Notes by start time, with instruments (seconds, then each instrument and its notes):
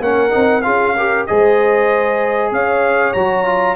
0.00 tuba A#3, trombone C#4, horn A#4, trumpet F#5
0.30 tuba C4, trombone D#4
0.62 tuba C#4, trombone F4, horn G#4, trumpet F5
0.97 trombone G4, horn A#4
1.27 tuba G#3, trombone G#4, horn C5, trumpet D#5
2.52 tuba C#4, horn C#5, trumpet F5
3.14 tuba F#3, trombone F#4, trumpet A#5
3.46 trombone F4